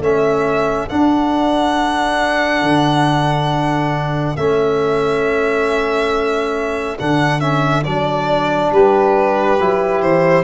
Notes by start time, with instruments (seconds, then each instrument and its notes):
0.00 tuba A3, trombone C#4, saxophone A4, violin E5
0.89 trombone D4, tuba D4, violin F#5
2.62 tuba D3
4.36 tuba A3, trombone C#4, violin E5
6.99 tuba D3, trombone D4, violin F#5
7.40 trombone C#4, violin E5
7.84 tuba F#3, trombone D4, violin D5
8.71 tuba G3, saxophone G4, violin B4
9.61 tuba F#3, trombone E4
10.02 tuba E3, violin C5